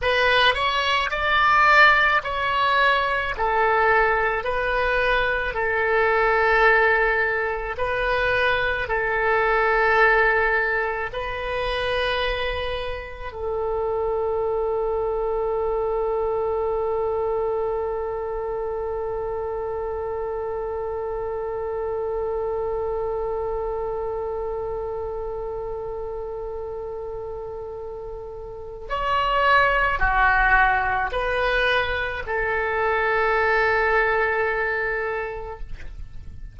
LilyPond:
\new Staff \with { instrumentName = "oboe" } { \time 4/4 \tempo 4 = 54 b'8 cis''8 d''4 cis''4 a'4 | b'4 a'2 b'4 | a'2 b'2 | a'1~ |
a'1~ | a'1~ | a'2 cis''4 fis'4 | b'4 a'2. | }